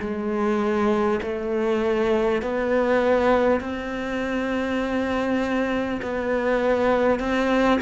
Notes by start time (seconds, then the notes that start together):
0.00 G#3
1.22 A3
2.42 B3
3.60 C4
6.02 B3
7.19 C4